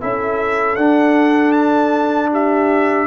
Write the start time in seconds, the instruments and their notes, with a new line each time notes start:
0.00 tuba C#4, trombone E4, horn A4, trumpet E5
0.75 tuba D4, trombone D4, trumpet F#5
1.52 trumpet A5
2.31 horn G4, trumpet E5